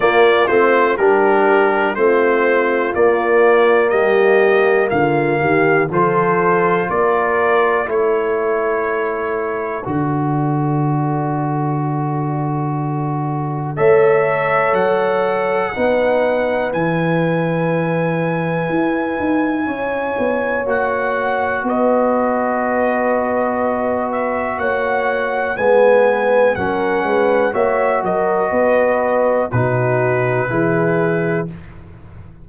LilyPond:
<<
  \new Staff \with { instrumentName = "trumpet" } { \time 4/4 \tempo 4 = 61 d''8 c''8 ais'4 c''4 d''4 | dis''4 f''4 c''4 d''4 | cis''2 d''2~ | d''2 e''4 fis''4~ |
fis''4 gis''2.~ | gis''4 fis''4 dis''2~ | dis''8 e''8 fis''4 gis''4 fis''4 | e''8 dis''4. b'2 | }
  \new Staff \with { instrumentName = "horn" } { \time 4/4 f'4 g'4 f'2 | g'4 f'8 g'8 a'4 ais'4 | a'1~ | a'2 cis''2 |
b'1 | cis''2 b'2~ | b'4 cis''4 b'4 ais'8 b'8 | cis''8 ais'8 b'4 fis'4 gis'4 | }
  \new Staff \with { instrumentName = "trombone" } { \time 4/4 ais8 c'8 d'4 c'4 ais4~ | ais2 f'2 | e'2 fis'2~ | fis'2 a'2 |
dis'4 e'2.~ | e'4 fis'2.~ | fis'2 b4 cis'4 | fis'2 dis'4 e'4 | }
  \new Staff \with { instrumentName = "tuba" } { \time 4/4 ais8 a8 g4 a4 ais4 | g4 d8 dis8 f4 ais4 | a2 d2~ | d2 a4 fis4 |
b4 e2 e'8 dis'8 | cis'8 b8 ais4 b2~ | b4 ais4 gis4 fis8 gis8 | ais8 fis8 b4 b,4 e4 | }
>>